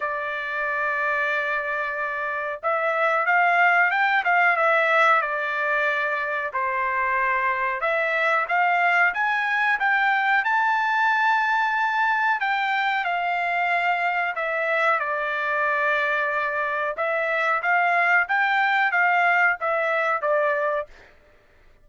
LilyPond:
\new Staff \with { instrumentName = "trumpet" } { \time 4/4 \tempo 4 = 92 d''1 | e''4 f''4 g''8 f''8 e''4 | d''2 c''2 | e''4 f''4 gis''4 g''4 |
a''2. g''4 | f''2 e''4 d''4~ | d''2 e''4 f''4 | g''4 f''4 e''4 d''4 | }